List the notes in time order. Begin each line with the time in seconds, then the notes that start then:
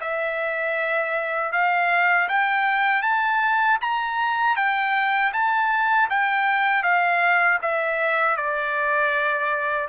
0.00 E5
1.52 F5
2.28 G5
3.02 A5
3.80 A#5
4.56 G5
5.33 A5
6.10 G5
6.83 F5
7.62 E5
8.36 D5